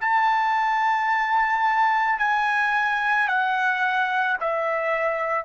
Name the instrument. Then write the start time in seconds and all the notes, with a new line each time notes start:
trumpet
0.00 A5
2.19 G#5
3.28 F#5
4.40 E5